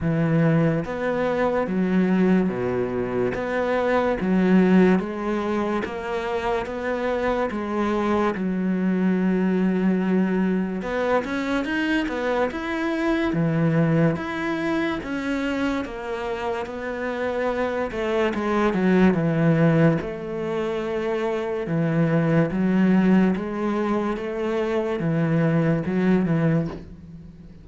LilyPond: \new Staff \with { instrumentName = "cello" } { \time 4/4 \tempo 4 = 72 e4 b4 fis4 b,4 | b4 fis4 gis4 ais4 | b4 gis4 fis2~ | fis4 b8 cis'8 dis'8 b8 e'4 |
e4 e'4 cis'4 ais4 | b4. a8 gis8 fis8 e4 | a2 e4 fis4 | gis4 a4 e4 fis8 e8 | }